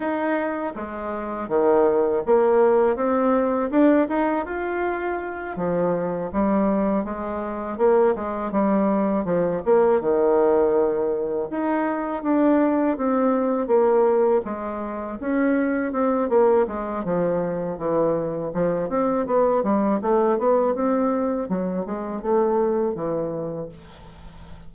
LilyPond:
\new Staff \with { instrumentName = "bassoon" } { \time 4/4 \tempo 4 = 81 dis'4 gis4 dis4 ais4 | c'4 d'8 dis'8 f'4. f8~ | f8 g4 gis4 ais8 gis8 g8~ | g8 f8 ais8 dis2 dis'8~ |
dis'8 d'4 c'4 ais4 gis8~ | gis8 cis'4 c'8 ais8 gis8 f4 | e4 f8 c'8 b8 g8 a8 b8 | c'4 fis8 gis8 a4 e4 | }